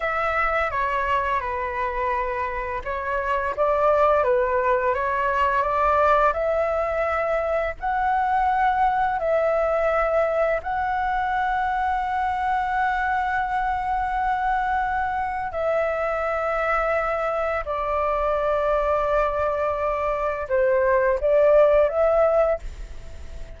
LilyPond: \new Staff \with { instrumentName = "flute" } { \time 4/4 \tempo 4 = 85 e''4 cis''4 b'2 | cis''4 d''4 b'4 cis''4 | d''4 e''2 fis''4~ | fis''4 e''2 fis''4~ |
fis''1~ | fis''2 e''2~ | e''4 d''2.~ | d''4 c''4 d''4 e''4 | }